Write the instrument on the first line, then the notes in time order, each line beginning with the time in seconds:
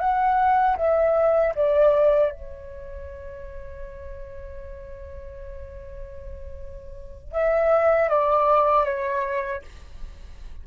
flute
0.00 F#5
0.77 E5
1.56 D5
2.33 C#5
7.33 E5
8.09 D5
8.85 C#5